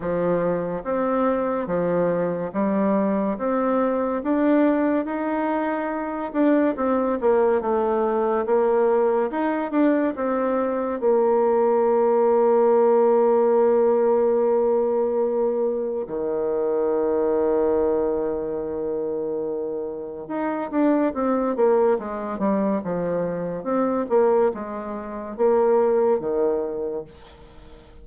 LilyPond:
\new Staff \with { instrumentName = "bassoon" } { \time 4/4 \tempo 4 = 71 f4 c'4 f4 g4 | c'4 d'4 dis'4. d'8 | c'8 ais8 a4 ais4 dis'8 d'8 | c'4 ais2.~ |
ais2. dis4~ | dis1 | dis'8 d'8 c'8 ais8 gis8 g8 f4 | c'8 ais8 gis4 ais4 dis4 | }